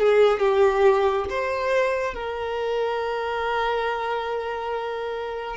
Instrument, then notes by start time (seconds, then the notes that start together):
violin
0.00 G#4
0.39 G4
1.30 C5
2.14 A#4